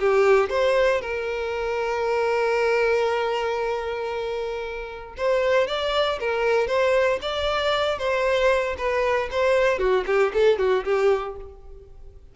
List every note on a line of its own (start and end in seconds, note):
0.00 0.50 G4
0.50 1.01 C5
1.01 5.15 A#4
5.18 5.68 C5
5.68 6.19 D5
6.20 6.68 A#4
6.68 7.19 C5
7.22 7.99 D5
7.99 8.76 C5
8.78 9.29 B4
9.31 9.79 C5
9.79 10.05 F#4
10.07 10.32 G4
10.34 10.58 A4
10.58 10.84 F#4
10.85 11.36 G4